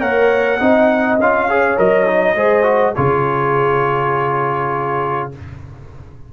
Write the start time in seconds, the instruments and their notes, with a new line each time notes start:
0.00 tuba A#3, trombone A#4, horn C#5, trumpet F#5
0.60 tuba C4, trombone D#4, horn D#5
1.19 tuba C#4, trombone F4, trumpet F5
1.50 trombone G#4, horn C#5
1.77 tuba F#3, trombone A#4, trumpet D#5
2.07 trombone D#4
2.36 tuba G#3, trombone G#4, horn C5
2.63 trombone F#4
2.96 tuba C#3, trombone F4, horn G#4, trumpet C#5